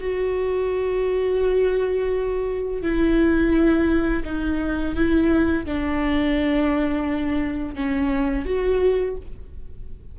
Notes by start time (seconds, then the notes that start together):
0.00 F#4
2.82 E4
4.24 D#4
4.95 E4
5.65 D4
7.75 C#4
8.45 F#4